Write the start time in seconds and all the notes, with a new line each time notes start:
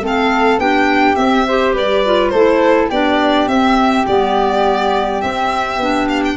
0.00 A3 C4 A4
0.06 F5
0.58 B3 D4 G4 G5
1.15 C4 E5
1.47 G4 C5
1.73 G3 B4 D5
2.05 F4
2.28 A3 A4 C5
2.35 E4
2.89 B3 D4 G4 D5
3.47 C4 E5
4.07 G3 B3 D5
5.21 C4 E5
5.77 B3 D4
6.08 F5
6.24 G5